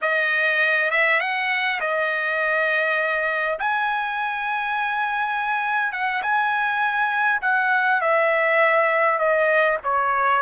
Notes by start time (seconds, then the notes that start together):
0.01 D#5
0.90 E5
1.20 F#5
1.80 D#5
3.59 G#5
5.92 F#5
6.22 G#5
7.41 F#5
8.01 E5
9.18 D#5
9.83 C#5